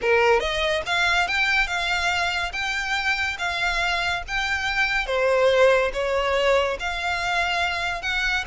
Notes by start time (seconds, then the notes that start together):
0.01 A#4
0.39 D#5
0.86 F5
1.27 G5
1.67 F5
2.52 G5
3.38 F5
4.27 G5
5.06 C5
5.93 C#5
6.79 F5
8.02 F#5